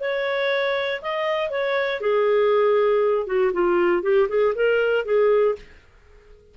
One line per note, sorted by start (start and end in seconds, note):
0.00 1.01 C#5
1.02 1.50 D#5
1.50 2.00 C#5
2.00 3.26 G#4
3.26 3.52 F#4
3.53 4.02 F4
4.02 4.27 G4
4.29 4.54 G#4
4.55 5.05 A#4
5.05 5.55 G#4